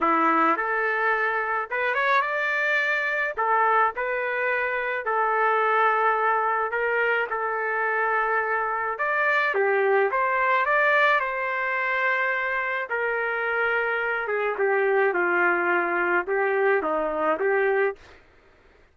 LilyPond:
\new Staff \with { instrumentName = "trumpet" } { \time 4/4 \tempo 4 = 107 e'4 a'2 b'8 cis''8 | d''2 a'4 b'4~ | b'4 a'2. | ais'4 a'2. |
d''4 g'4 c''4 d''4 | c''2. ais'4~ | ais'4. gis'8 g'4 f'4~ | f'4 g'4 dis'4 g'4 | }